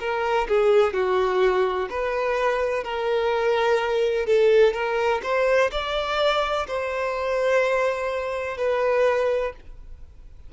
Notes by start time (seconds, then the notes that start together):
0.00 A#4
0.48 G#4
0.94 F#4
1.90 B4
2.84 A#4
4.26 A4
4.73 A#4
5.23 C5
5.71 D5
6.68 C5
8.58 B4